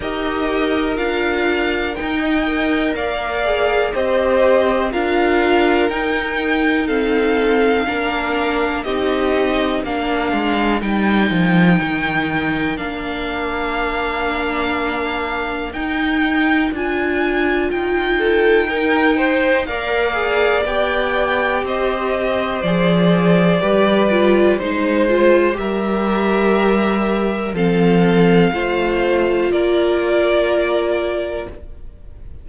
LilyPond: <<
  \new Staff \with { instrumentName = "violin" } { \time 4/4 \tempo 4 = 61 dis''4 f''4 g''4 f''4 | dis''4 f''4 g''4 f''4~ | f''4 dis''4 f''4 g''4~ | g''4 f''2. |
g''4 gis''4 g''2 | f''4 g''4 dis''4 d''4~ | d''4 c''4 e''2 | f''2 d''2 | }
  \new Staff \with { instrumentName = "violin" } { \time 4/4 ais'2~ ais'16 dis''8. d''4 | c''4 ais'2 a'4 | ais'4 g'4 ais'2~ | ais'1~ |
ais'2~ ais'8 a'8 ais'8 c''8 | d''2 c''2 | b'4 c''4 ais'2 | a'4 c''4 ais'2 | }
  \new Staff \with { instrumentName = "viola" } { \time 4/4 g'4 f'4 dis'8 ais'4 gis'8 | g'4 f'4 dis'4 c'4 | d'4 dis'4 d'4 dis'4~ | dis'4 d'2. |
dis'4 f'2 dis'4 | ais'8 gis'8 g'2 gis'4 | g'8 f'8 dis'8 f'8 g'2 | c'4 f'2. | }
  \new Staff \with { instrumentName = "cello" } { \time 4/4 dis'4 d'4 dis'4 ais4 | c'4 d'4 dis'2 | ais4 c'4 ais8 gis8 g8 f8 | dis4 ais2. |
dis'4 d'4 dis'2 | ais4 b4 c'4 f4 | g4 gis4 g2 | f4 a4 ais2 | }
>>